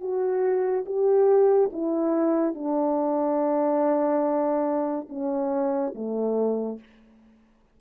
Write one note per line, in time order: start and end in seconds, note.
0.00 0.85 F#4
0.86 1.70 G4
1.72 2.54 E4
2.54 5.08 D4
5.09 5.93 C#4
5.95 6.79 A3